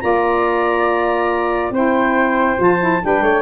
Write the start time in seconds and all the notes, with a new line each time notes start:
0.00 A#3 F4 D5 A#5
1.70 C4 E4 C5 G5
2.57 F3 F4 A5
2.79 E4
3.02 G3 D4 B4 G5
3.21 A3 C#5